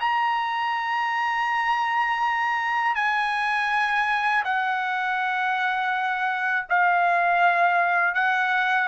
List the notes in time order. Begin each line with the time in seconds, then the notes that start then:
0.00 A#5
2.96 G#5
4.44 F#5
6.69 F5
8.14 F#5